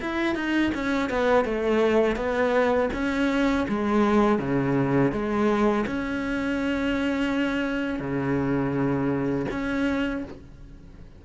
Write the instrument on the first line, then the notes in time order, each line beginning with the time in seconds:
cello
0.00 E4
0.35 D#4
0.75 C#4
1.09 B3
1.45 A3
2.16 B3
2.93 C#4
3.68 G#3
4.39 C#3
5.12 G#3
5.86 C#4
8.00 C#3
9.51 C#4